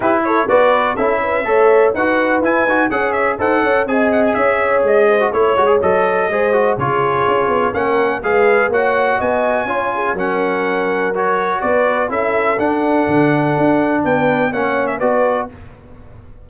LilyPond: <<
  \new Staff \with { instrumentName = "trumpet" } { \time 4/4 \tempo 4 = 124 b'8 cis''8 d''4 e''2 | fis''4 gis''4 fis''8 e''8 fis''4 | gis''8 fis''16 gis''16 e''4 dis''4 cis''4 | dis''2 cis''2 |
fis''4 f''4 fis''4 gis''4~ | gis''4 fis''2 cis''4 | d''4 e''4 fis''2~ | fis''4 g''4 fis''8. e''16 d''4 | }
  \new Staff \with { instrumentName = "horn" } { \time 4/4 g'8 a'8 b'4 a'8 b'8 cis''4 | b'2 cis''4 c''8 cis''8 | dis''4 cis''4. c''8 cis''4~ | cis''4 c''4 gis'2 |
ais'4 b'4 cis''4 dis''4 | cis''8 gis'8 ais'2. | b'4 a'2.~ | a'4 b'4 cis''4 b'4 | }
  \new Staff \with { instrumentName = "trombone" } { \time 4/4 e'4 fis'4 e'4 a'4 | fis'4 e'8 fis'8 gis'4 a'4 | gis'2~ gis'8. fis'16 e'8 fis'16 gis'16 | a'4 gis'8 fis'8 f'2 |
cis'4 gis'4 fis'2 | f'4 cis'2 fis'4~ | fis'4 e'4 d'2~ | d'2 cis'4 fis'4 | }
  \new Staff \with { instrumentName = "tuba" } { \time 4/4 e'4 b4 cis'4 a4 | dis'4 e'8 dis'8 cis'4 dis'8 cis'8 | c'4 cis'4 gis4 a8 gis8 | fis4 gis4 cis4 cis'8 b8 |
ais4 gis4 ais4 b4 | cis'4 fis2. | b4 cis'4 d'4 d4 | d'4 b4 ais4 b4 | }
>>